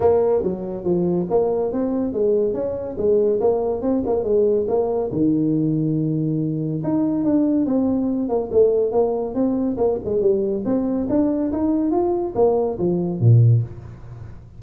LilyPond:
\new Staff \with { instrumentName = "tuba" } { \time 4/4 \tempo 4 = 141 ais4 fis4 f4 ais4 | c'4 gis4 cis'4 gis4 | ais4 c'8 ais8 gis4 ais4 | dis1 |
dis'4 d'4 c'4. ais8 | a4 ais4 c'4 ais8 gis8 | g4 c'4 d'4 dis'4 | f'4 ais4 f4 ais,4 | }